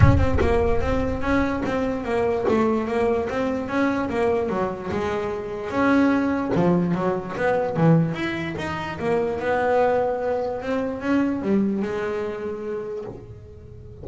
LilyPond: \new Staff \with { instrumentName = "double bass" } { \time 4/4 \tempo 4 = 147 cis'8 c'8 ais4 c'4 cis'4 | c'4 ais4 a4 ais4 | c'4 cis'4 ais4 fis4 | gis2 cis'2 |
f4 fis4 b4 e4 | e'4 dis'4 ais4 b4~ | b2 c'4 cis'4 | g4 gis2. | }